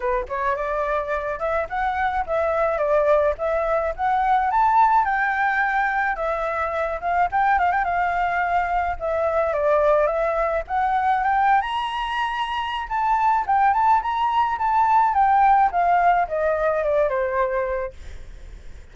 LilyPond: \new Staff \with { instrumentName = "flute" } { \time 4/4 \tempo 4 = 107 b'8 cis''8 d''4. e''8 fis''4 | e''4 d''4 e''4 fis''4 | a''4 g''2 e''4~ | e''8 f''8 g''8 f''16 g''16 f''2 |
e''4 d''4 e''4 fis''4 | g''8. ais''2~ ais''16 a''4 | g''8 a''8 ais''4 a''4 g''4 | f''4 dis''4 d''8 c''4. | }